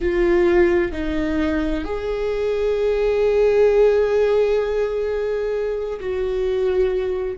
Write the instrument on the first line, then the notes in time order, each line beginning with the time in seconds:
viola
0.00 F4
0.91 D#4
1.84 G#4
6.00 F#4